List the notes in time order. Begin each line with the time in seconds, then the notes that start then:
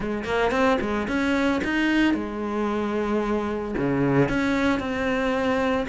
0.00 G#3
0.24 A#3
0.51 C4
0.80 G#3
1.07 C#4
1.63 D#4
2.14 G#3
3.77 C#3
4.29 C#4
4.79 C4